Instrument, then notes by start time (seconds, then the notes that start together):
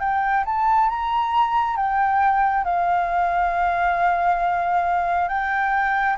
flute
0.00 G5
0.45 A5
0.89 A#5
1.76 G5
2.65 F5
5.28 G5